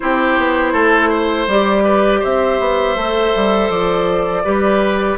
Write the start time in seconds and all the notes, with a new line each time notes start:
0.00 C4 E4 G4 C5
0.37 B3
0.72 A3 A4
1.09 C5
1.47 G3 G4 D5
1.84 B4
2.20 C4 C5 E5
2.59 B3
2.96 A3 A4
3.35 G3
3.69 F3 D5
4.44 G3 G4 B4